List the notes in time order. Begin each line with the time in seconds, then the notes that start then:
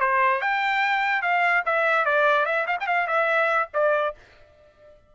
0.00 C5
0.41 G5
1.22 F5
1.66 E5
2.05 D5
2.45 E5
2.67 F5
2.80 G5
2.87 F5
3.07 E5
3.74 D5